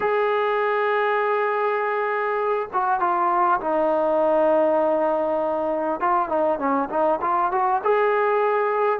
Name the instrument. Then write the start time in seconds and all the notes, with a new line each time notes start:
trombone
0.00 G#4
2.73 F#4
3.00 F4
3.60 D#4
6.00 F4
6.28 D#4
6.58 C#4
6.89 D#4
7.21 F4
7.51 F#4
7.83 G#4